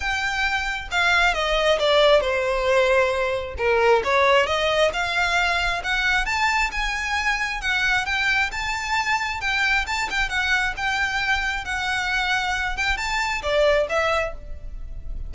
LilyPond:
\new Staff \with { instrumentName = "violin" } { \time 4/4 \tempo 4 = 134 g''2 f''4 dis''4 | d''4 c''2. | ais'4 cis''4 dis''4 f''4~ | f''4 fis''4 a''4 gis''4~ |
gis''4 fis''4 g''4 a''4~ | a''4 g''4 a''8 g''8 fis''4 | g''2 fis''2~ | fis''8 g''8 a''4 d''4 e''4 | }